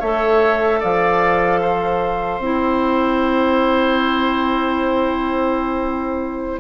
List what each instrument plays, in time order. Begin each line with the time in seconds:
0.00 bassoon A3, clarinet A4, oboe C#5, flute E5
0.80 bassoon F3, oboe D5, flute F5
1.62 oboe C5
2.39 bassoon C4, clarinet E4, flute G5